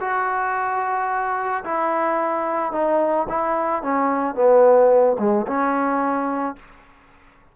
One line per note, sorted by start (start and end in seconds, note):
0.00 1.64 F#4
1.64 2.72 E4
2.72 3.27 D#4
3.29 3.82 E4
3.82 4.35 C#4
4.35 5.16 B3
5.18 5.46 G#3
5.47 6.56 C#4